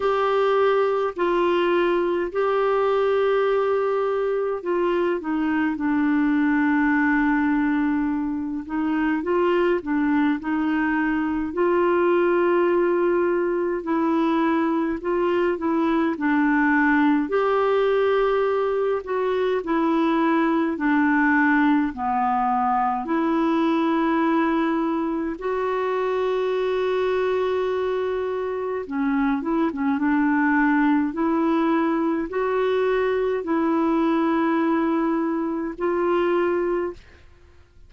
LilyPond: \new Staff \with { instrumentName = "clarinet" } { \time 4/4 \tempo 4 = 52 g'4 f'4 g'2 | f'8 dis'8 d'2~ d'8 dis'8 | f'8 d'8 dis'4 f'2 | e'4 f'8 e'8 d'4 g'4~ |
g'8 fis'8 e'4 d'4 b4 | e'2 fis'2~ | fis'4 cis'8 e'16 cis'16 d'4 e'4 | fis'4 e'2 f'4 | }